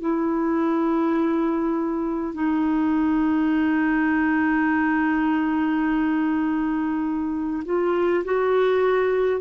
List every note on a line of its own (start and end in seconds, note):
0.00 2.34 E4
2.34 7.63 D#4
7.65 8.24 F4
8.25 9.41 F#4